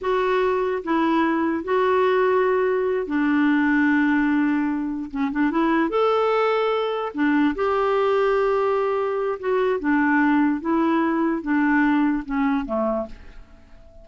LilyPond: \new Staff \with { instrumentName = "clarinet" } { \time 4/4 \tempo 4 = 147 fis'2 e'2 | fis'2.~ fis'8 d'8~ | d'1~ | d'8 cis'8 d'8 e'4 a'4.~ |
a'4. d'4 g'4.~ | g'2. fis'4 | d'2 e'2 | d'2 cis'4 a4 | }